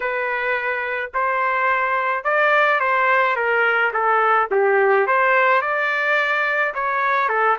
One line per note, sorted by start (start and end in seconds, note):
0.00 1.11 B4
1.14 2.24 C5
2.24 2.80 D5
2.80 3.36 C5
3.36 3.92 A#4
3.93 4.49 A4
4.51 5.06 G4
5.06 5.61 C5
5.61 6.73 D5
6.74 7.28 C#5
7.28 7.56 A4